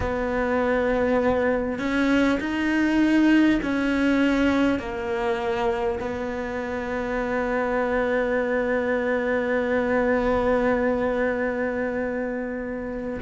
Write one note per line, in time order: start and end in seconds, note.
0.00 1.78 B3
1.78 2.38 C#4
2.39 3.59 D#4
3.62 4.79 C#4
4.79 5.99 A#3
6.00 13.20 B3